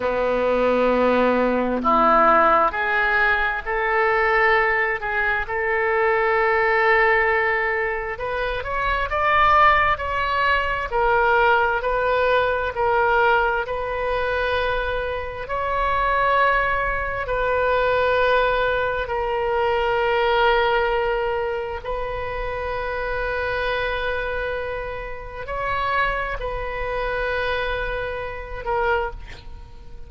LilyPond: \new Staff \with { instrumentName = "oboe" } { \time 4/4 \tempo 4 = 66 b2 e'4 gis'4 | a'4. gis'8 a'2~ | a'4 b'8 cis''8 d''4 cis''4 | ais'4 b'4 ais'4 b'4~ |
b'4 cis''2 b'4~ | b'4 ais'2. | b'1 | cis''4 b'2~ b'8 ais'8 | }